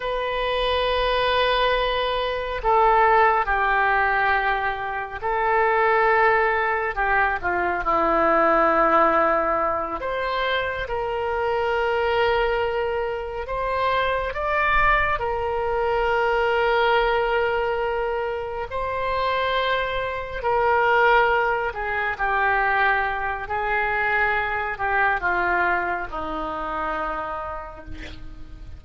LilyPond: \new Staff \with { instrumentName = "oboe" } { \time 4/4 \tempo 4 = 69 b'2. a'4 | g'2 a'2 | g'8 f'8 e'2~ e'8 c''8~ | c''8 ais'2. c''8~ |
c''8 d''4 ais'2~ ais'8~ | ais'4. c''2 ais'8~ | ais'4 gis'8 g'4. gis'4~ | gis'8 g'8 f'4 dis'2 | }